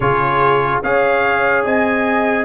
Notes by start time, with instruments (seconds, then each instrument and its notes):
0.00 tuba C#3, trombone F4, horn G#4, trumpet C#5
0.82 tuba C#4, trombone G#4, horn C#5, trumpet F5
1.64 tuba C4, horn D#5, trumpet G#5